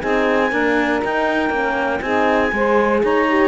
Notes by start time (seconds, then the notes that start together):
0.00 C4 D#4 G#4 G#5
0.50 A#3 D4 A#4
1.02 D#4 G5
1.49 A#3 C#4
2.00 C4 D#4 G#4 G#5
2.52 G#3 G#4 C5
3.02 D#4 C#5 A#5
3.28 G4